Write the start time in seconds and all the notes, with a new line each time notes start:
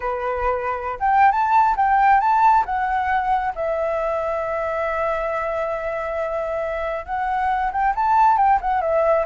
0.00 B4
0.99 G5
1.31 A5
1.76 G5
2.20 A5
2.65 F#5
3.55 E5
7.05 F#5
7.72 G5
7.95 A5
8.37 G5
8.61 F#5
8.81 E5